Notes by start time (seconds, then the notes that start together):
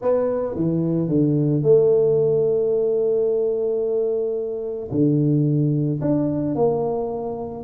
0.01 B3
0.55 E3
1.08 D3
1.62 A3
4.91 D3
6.01 D4
6.55 A#3